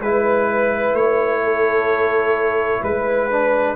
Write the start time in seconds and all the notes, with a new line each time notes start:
0.00 G#3 E4 B4
0.93 A3 C#5
1.43 A4
2.81 G#3 B4
3.30 D4